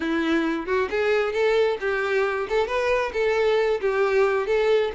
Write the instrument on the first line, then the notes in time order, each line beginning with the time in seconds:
violin
0.00 E4
0.66 F#4
0.90 G#4
1.32 A4
1.80 G4
2.48 A4
2.67 B4
3.13 A4
3.81 G4
4.46 A4